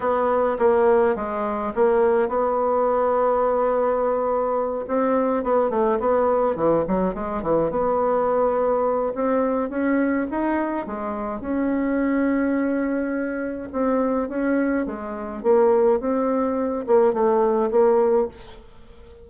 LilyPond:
\new Staff \with { instrumentName = "bassoon" } { \time 4/4 \tempo 4 = 105 b4 ais4 gis4 ais4 | b1~ | b8 c'4 b8 a8 b4 e8 | fis8 gis8 e8 b2~ b8 |
c'4 cis'4 dis'4 gis4 | cis'1 | c'4 cis'4 gis4 ais4 | c'4. ais8 a4 ais4 | }